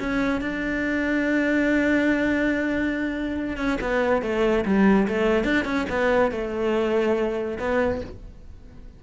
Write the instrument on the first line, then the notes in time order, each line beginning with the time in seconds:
cello
0.00 C#4
0.41 D4
3.57 C#4
3.81 B3
4.23 A3
4.66 G3
5.08 A3
5.45 D4
5.65 C#4
5.90 B3
6.32 A3
7.59 B3